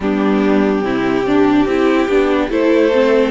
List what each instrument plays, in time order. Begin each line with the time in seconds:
0.00 cello G3, viola B3, violin D4 G4
0.82 cello C3, viola C4, violin E4
1.26 viola D4, violin D4
1.66 cello C4, viola E4, violin G4
2.08 cello B3, viola D4
2.49 cello A3, viola E4, violin A4 C5
2.92 viola C4